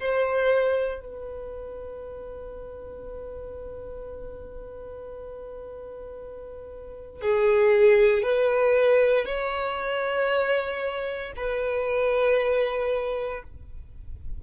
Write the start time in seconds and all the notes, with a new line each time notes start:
0.00 C5
1.01 B4
7.21 G#4
8.23 B4
9.26 C#5
11.37 B4